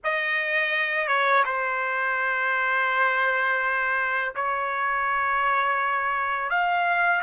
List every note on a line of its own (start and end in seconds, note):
0.04 1.07 D#5
1.07 1.43 C#5
1.45 4.34 C5
4.35 6.50 C#5
6.50 7.22 F5